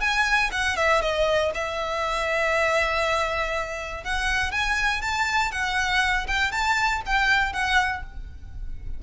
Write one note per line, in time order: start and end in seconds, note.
0.00 0.50 G#5
0.51 0.76 F#5
0.76 1.01 E5
1.01 1.51 D#5
1.54 4.04 E5
4.04 4.51 F#5
4.51 5.01 G#5
5.01 5.51 A5
5.51 6.26 F#5
6.27 6.51 G5
6.51 7.01 A5
7.05 7.52 G5
7.52 8.03 F#5